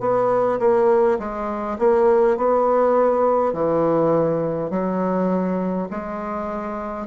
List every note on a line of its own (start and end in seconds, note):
0.00 0.59 B3
0.59 1.18 A#3
1.19 1.78 G#3
1.79 2.36 A#3
2.36 3.53 B3
3.53 4.70 E3
4.70 5.88 F#3
5.90 7.06 G#3